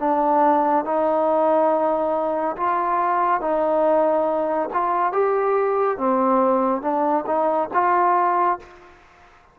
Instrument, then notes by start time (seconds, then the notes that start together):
trombone
0.00 D4
0.85 D#4
2.57 F4
3.41 D#4
4.73 F4
5.13 G4
5.98 C4
6.82 D4
7.27 D#4
7.74 F4